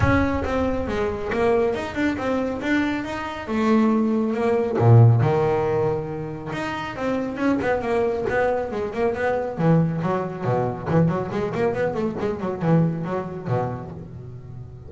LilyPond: \new Staff \with { instrumentName = "double bass" } { \time 4/4 \tempo 4 = 138 cis'4 c'4 gis4 ais4 | dis'8 d'8 c'4 d'4 dis'4 | a2 ais4 ais,4 | dis2. dis'4 |
c'4 cis'8 b8 ais4 b4 | gis8 ais8 b4 e4 fis4 | b,4 e8 fis8 gis8 ais8 b8 a8 | gis8 fis8 e4 fis4 b,4 | }